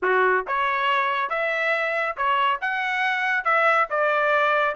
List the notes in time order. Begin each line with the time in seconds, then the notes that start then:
0.02 F#4
0.47 C#5
1.29 E5
2.16 C#5
2.61 F#5
3.44 E5
3.90 D5